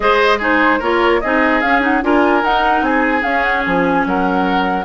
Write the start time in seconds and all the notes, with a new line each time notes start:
0.00 G#3 G#4 C5 D#5
0.38 D#4 G#4 C5
0.79 A#3 F4 A#4 C#5
1.20 C4 D#4 G#4 D#5
1.61 C#4 F5
1.80 D#4 F#5
2.02 D4 F4 A#4 G#5
2.43 D#4 F#5
2.81 C4 G#4 G#5
3.21 C#4 F5
3.42 F#5
3.65 F3 G#5
4.05 F#3 A#4 F#5